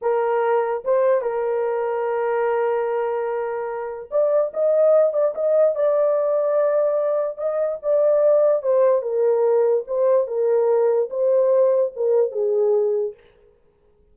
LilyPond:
\new Staff \with { instrumentName = "horn" } { \time 4/4 \tempo 4 = 146 ais'2 c''4 ais'4~ | ais'1~ | ais'2 d''4 dis''4~ | dis''8 d''8 dis''4 d''2~ |
d''2 dis''4 d''4~ | d''4 c''4 ais'2 | c''4 ais'2 c''4~ | c''4 ais'4 gis'2 | }